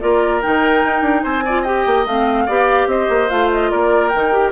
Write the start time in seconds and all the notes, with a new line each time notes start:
0.00 A#3 F4 A#4 D5
0.41 D#3 D#4 G5
0.83 D#4
1.02 D4
1.23 C4 C5 G#5
1.45 F4 D5
1.61 G4 D#5 G5
1.86 A#3
2.06 A3 C4 F5
2.46 B3 G4 D5
2.87 C4 C5 D#5
3.09 A#3
3.29 A3 F4 F5
3.52 D#5
3.70 A#3 A#4 D5
4.08 D#3 D#4 G5
4.32 G4